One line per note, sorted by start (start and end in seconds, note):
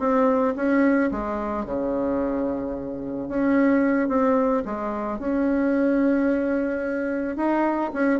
0.00 0.55 C4
0.56 1.11 C#4
1.11 1.66 G#3
1.66 3.29 C#3
3.29 4.09 C#4
4.09 4.63 C4
4.65 5.19 G#3
5.19 7.37 C#4
7.37 7.91 D#4
7.93 8.20 C#4